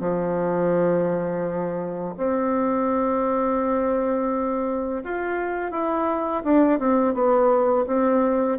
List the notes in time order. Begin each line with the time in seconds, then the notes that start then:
0.00 F3
2.17 C4
5.04 F4
5.71 E4
6.44 D4
6.79 C4
7.14 B3
7.87 C4